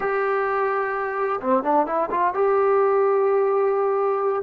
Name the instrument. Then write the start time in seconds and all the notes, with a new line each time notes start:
trombone
0.00 G4
1.40 C4
1.63 D4
1.86 E4
2.10 F4
2.34 G4